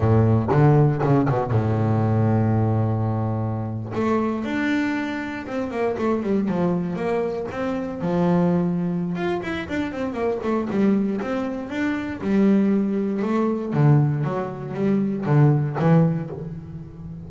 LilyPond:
\new Staff \with { instrumentName = "double bass" } { \time 4/4 \tempo 4 = 118 a,4 d4 cis8 b,8 a,4~ | a,2.~ a,8. a16~ | a8. d'2 c'8 ais8 a16~ | a16 g8 f4 ais4 c'4 f16~ |
f2 f'8 e'8 d'8 c'8 | ais8 a8 g4 c'4 d'4 | g2 a4 d4 | fis4 g4 d4 e4 | }